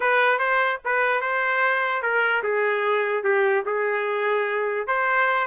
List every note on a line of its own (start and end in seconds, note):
0.00 0.39 B4
0.39 0.79 C5
0.85 1.21 B4
1.21 2.02 C5
2.02 2.43 A#4
2.43 3.23 G#4
3.23 3.64 G4
3.65 4.87 G#4
4.87 5.47 C5